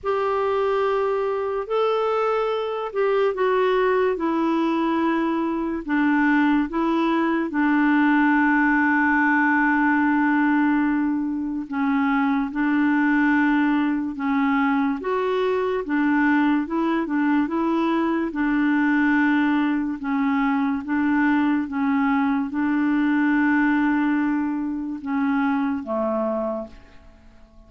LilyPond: \new Staff \with { instrumentName = "clarinet" } { \time 4/4 \tempo 4 = 72 g'2 a'4. g'8 | fis'4 e'2 d'4 | e'4 d'2.~ | d'2 cis'4 d'4~ |
d'4 cis'4 fis'4 d'4 | e'8 d'8 e'4 d'2 | cis'4 d'4 cis'4 d'4~ | d'2 cis'4 a4 | }